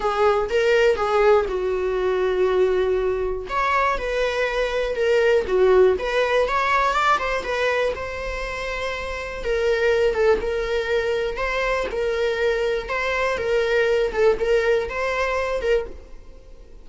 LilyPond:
\new Staff \with { instrumentName = "viola" } { \time 4/4 \tempo 4 = 121 gis'4 ais'4 gis'4 fis'4~ | fis'2. cis''4 | b'2 ais'4 fis'4 | b'4 cis''4 d''8 c''8 b'4 |
c''2. ais'4~ | ais'8 a'8 ais'2 c''4 | ais'2 c''4 ais'4~ | ais'8 a'8 ais'4 c''4. ais'8 | }